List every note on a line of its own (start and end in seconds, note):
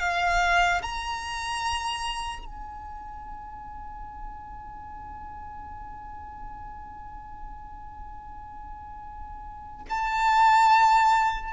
0.00 0.82 F5
0.83 2.45 A#5
2.45 9.85 G#5
9.90 11.53 A5